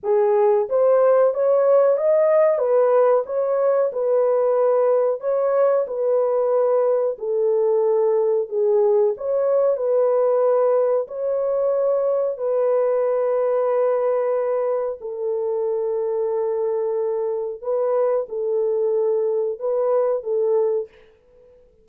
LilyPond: \new Staff \with { instrumentName = "horn" } { \time 4/4 \tempo 4 = 92 gis'4 c''4 cis''4 dis''4 | b'4 cis''4 b'2 | cis''4 b'2 a'4~ | a'4 gis'4 cis''4 b'4~ |
b'4 cis''2 b'4~ | b'2. a'4~ | a'2. b'4 | a'2 b'4 a'4 | }